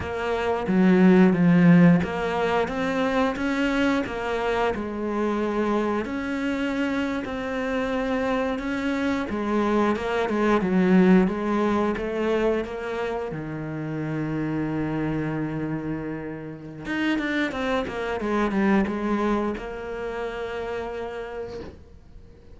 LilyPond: \new Staff \with { instrumentName = "cello" } { \time 4/4 \tempo 4 = 89 ais4 fis4 f4 ais4 | c'4 cis'4 ais4 gis4~ | gis4 cis'4.~ cis'16 c'4~ c'16~ | c'8. cis'4 gis4 ais8 gis8 fis16~ |
fis8. gis4 a4 ais4 dis16~ | dis1~ | dis4 dis'8 d'8 c'8 ais8 gis8 g8 | gis4 ais2. | }